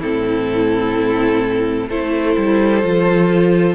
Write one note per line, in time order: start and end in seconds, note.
0.00 1.89 A2
0.00 1.90 C4
0.00 1.88 E4
0.00 1.89 A4
1.88 2.36 A3
1.88 2.83 E4
1.88 3.75 A4
1.88 3.75 C5
2.36 2.83 G3
2.83 3.75 F3
2.83 3.75 F4